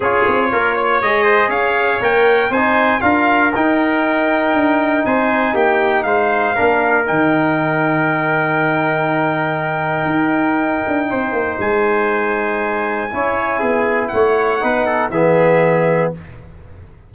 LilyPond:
<<
  \new Staff \with { instrumentName = "trumpet" } { \time 4/4 \tempo 4 = 119 cis''2 dis''4 f''4 | g''4 gis''4 f''4 g''4~ | g''2 gis''4 g''4 | f''2 g''2~ |
g''1~ | g''2. gis''4~ | gis''1 | fis''2 e''2 | }
  \new Staff \with { instrumentName = "trumpet" } { \time 4/4 gis'4 ais'8 cis''4 c''8 cis''4~ | cis''4 c''4 ais'2~ | ais'2 c''4 g'4 | c''4 ais'2.~ |
ais'1~ | ais'2 c''2~ | c''2 cis''4 gis'4 | cis''4 b'8 a'8 gis'2 | }
  \new Staff \with { instrumentName = "trombone" } { \time 4/4 f'2 gis'2 | ais'4 dis'4 f'4 dis'4~ | dis'1~ | dis'4 d'4 dis'2~ |
dis'1~ | dis'1~ | dis'2 e'2~ | e'4 dis'4 b2 | }
  \new Staff \with { instrumentName = "tuba" } { \time 4/4 cis'8 c'8 ais4 gis4 cis'4 | ais4 c'4 d'4 dis'4~ | dis'4 d'4 c'4 ais4 | gis4 ais4 dis2~ |
dis1 | dis'4. d'8 c'8 ais8 gis4~ | gis2 cis'4 b4 | a4 b4 e2 | }
>>